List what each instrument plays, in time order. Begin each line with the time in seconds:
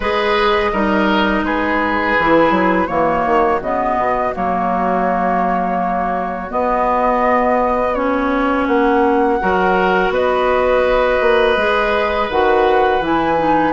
0.00 bassoon G#3, clarinet G#4, oboe B4, flute D#5
0.72 bassoon G3, clarinet D#4, oboe A#4
1.42 bassoon G#3, oboe G#4, flute B4
2.18 bassoon E3, clarinet E4
2.50 bassoon F#3
2.87 bassoon E3, clarinet A#3, oboe F#4, flute C#5
3.25 bassoon D#3
3.60 bassoon C#3, clarinet B3, flute D#5
3.97 bassoon B2
4.33 bassoon F#3, clarinet A#3, flute C#5
6.49 clarinet B3, bassoon B3, flute D#5
7.94 clarinet C#4, flute C#5
8.66 bassoon A#3, flute F#5
9.40 bassoon F#3, clarinet F#4, oboe A#4
10.09 bassoon B3, oboe B4, flute D#5
11.20 bassoon A#3
11.56 bassoon G#3, clarinet G#4
12.29 bassoon D#3, clarinet F#4, flute F#5
13.00 bassoon E3, clarinet E4, flute G#5
13.37 clarinet D#4